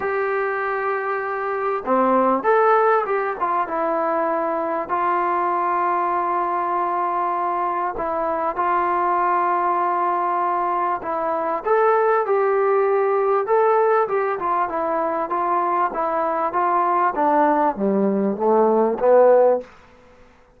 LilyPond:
\new Staff \with { instrumentName = "trombone" } { \time 4/4 \tempo 4 = 98 g'2. c'4 | a'4 g'8 f'8 e'2 | f'1~ | f'4 e'4 f'2~ |
f'2 e'4 a'4 | g'2 a'4 g'8 f'8 | e'4 f'4 e'4 f'4 | d'4 g4 a4 b4 | }